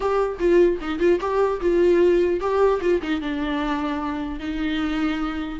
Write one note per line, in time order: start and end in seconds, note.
0.00 0.38 G4
0.39 0.79 F4
0.81 0.99 D#4
0.99 1.19 F4
1.20 1.60 G4
1.60 2.40 F4
2.40 2.80 G4
2.81 3.01 F4
3.02 3.21 D#4
3.21 4.39 D4
4.39 5.59 D#4